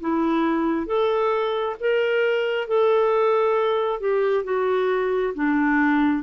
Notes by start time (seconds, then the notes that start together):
0.00 E4
0.86 A4
1.80 A#4
2.67 A4
4.00 G4
4.44 F#4
5.34 D4